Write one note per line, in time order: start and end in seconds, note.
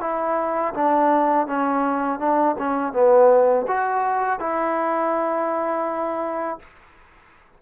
0.00 0.73 E4
0.74 1.47 D4
1.47 2.19 C#4
2.19 2.55 D4
2.58 2.92 C#4
2.92 3.66 B3
3.67 4.39 F#4
4.39 6.59 E4